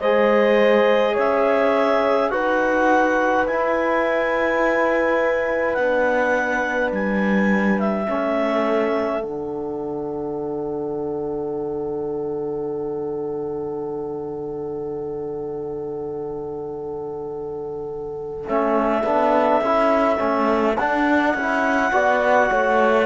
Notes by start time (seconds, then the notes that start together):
0.00 G#3 G#4 C5 D#5
1.14 C#4 C#5 E5
2.30 D#4 F#4 B4 F#5
3.47 E4 G#5
5.74 B3 D4 F#5
6.92 G3 G#5
7.79 E5
8.07 A3 C#4 A4
9.22 D3 D4 F#5
18.46 A3 C#4 E5
19.04 B3 D4
19.61 C#4 E4
20.18 A3 C#4
20.77 D4 F#5
21.34 C#4 E4
21.93 B3 F#4 D5
22.51 A3 C#5